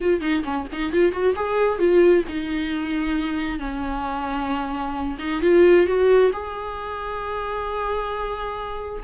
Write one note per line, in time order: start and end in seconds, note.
0.01 0.20 F4
0.20 0.43 D#4
0.44 0.66 C#4
0.72 0.92 D#4
0.92 1.12 F4
1.12 1.34 F#4
1.35 1.78 G#4
1.78 2.24 F4
2.28 3.59 D#4
3.59 5.17 C#4
5.19 5.41 D#4
5.41 5.86 F4
5.86 6.31 F#4
6.32 9.03 G#4